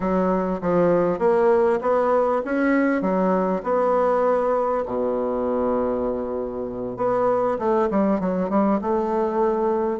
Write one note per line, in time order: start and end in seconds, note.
0.00 0.61 F#3
0.61 1.18 F3
1.18 1.79 A#3
1.81 2.42 B3
2.45 3.01 C#4
3.01 3.62 F#3
3.63 4.84 B3
4.85 6.97 B2
6.97 7.57 B3
7.58 7.88 A3
7.90 8.20 G3
8.20 8.49 F#3
8.49 8.79 G3
8.81 9.99 A3